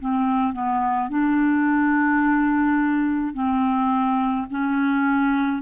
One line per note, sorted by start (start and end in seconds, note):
0.00 0.53 C4
0.53 1.10 B3
1.10 3.34 D4
3.34 4.47 C4
4.50 5.62 C#4